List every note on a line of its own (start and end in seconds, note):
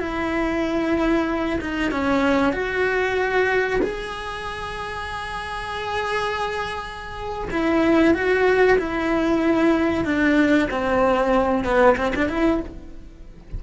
0.00 1.60 E4
1.61 1.91 D#4
1.91 2.53 C#4
2.53 3.80 F#4
3.82 7.49 G#4
7.51 8.14 E4
8.14 8.78 F#4
8.78 10.05 E4
10.05 10.69 D4
10.71 11.65 C4
11.65 11.97 B3
11.97 12.13 C4
12.16 12.29 D4
12.29 12.61 E4